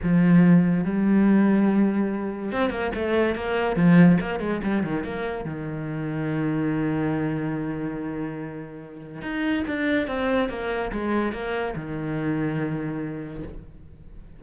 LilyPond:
\new Staff \with { instrumentName = "cello" } { \time 4/4 \tempo 4 = 143 f2 g2~ | g2 c'8 ais8 a4 | ais4 f4 ais8 gis8 g8 dis8 | ais4 dis2.~ |
dis1~ | dis2 dis'4 d'4 | c'4 ais4 gis4 ais4 | dis1 | }